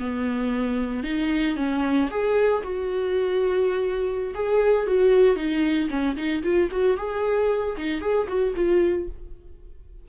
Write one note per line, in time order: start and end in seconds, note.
0.00 1.04 B3
1.04 1.57 D#4
1.57 2.09 C#4
2.11 2.63 G#4
2.63 4.34 F#4
4.35 4.87 G#4
4.87 5.36 F#4
5.36 5.89 D#4
5.90 6.17 C#4
6.17 6.43 D#4
6.44 6.70 F4
6.72 6.98 F#4
6.98 7.77 G#4
7.78 8.01 D#4
8.01 8.28 G#4
8.28 8.55 F#4
8.56 9.09 F4